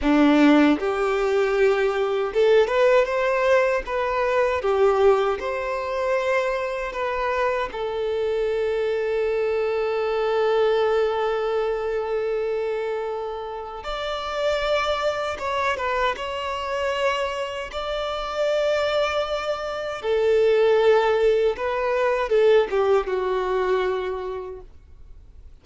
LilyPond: \new Staff \with { instrumentName = "violin" } { \time 4/4 \tempo 4 = 78 d'4 g'2 a'8 b'8 | c''4 b'4 g'4 c''4~ | c''4 b'4 a'2~ | a'1~ |
a'2 d''2 | cis''8 b'8 cis''2 d''4~ | d''2 a'2 | b'4 a'8 g'8 fis'2 | }